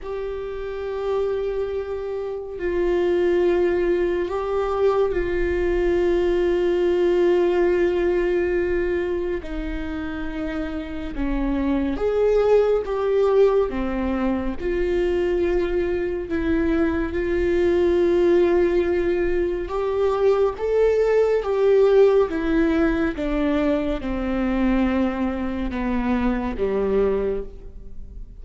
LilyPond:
\new Staff \with { instrumentName = "viola" } { \time 4/4 \tempo 4 = 70 g'2. f'4~ | f'4 g'4 f'2~ | f'2. dis'4~ | dis'4 cis'4 gis'4 g'4 |
c'4 f'2 e'4 | f'2. g'4 | a'4 g'4 e'4 d'4 | c'2 b4 g4 | }